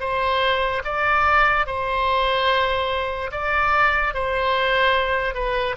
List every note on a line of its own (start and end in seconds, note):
0.00 0.82 C5
0.84 1.66 D5
1.66 3.31 C5
3.32 4.14 D5
4.14 5.35 C5
5.35 5.76 B4